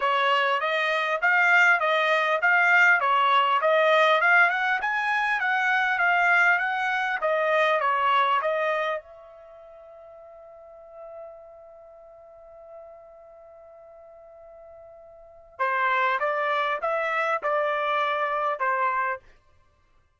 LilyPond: \new Staff \with { instrumentName = "trumpet" } { \time 4/4 \tempo 4 = 100 cis''4 dis''4 f''4 dis''4 | f''4 cis''4 dis''4 f''8 fis''8 | gis''4 fis''4 f''4 fis''4 | dis''4 cis''4 dis''4 e''4~ |
e''1~ | e''1~ | e''2 c''4 d''4 | e''4 d''2 c''4 | }